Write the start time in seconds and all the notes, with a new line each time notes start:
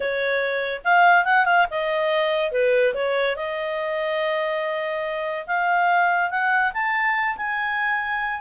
0.00 C#5
0.84 F5
1.24 F#5
1.45 F5
1.70 D#5
2.51 B4
2.94 C#5
3.36 D#5
5.47 F5
6.30 F#5
6.73 A5
7.36 G#5